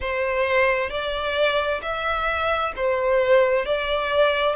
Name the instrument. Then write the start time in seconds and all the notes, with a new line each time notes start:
violin
0.00 C5
0.90 D5
1.82 E5
2.76 C5
3.65 D5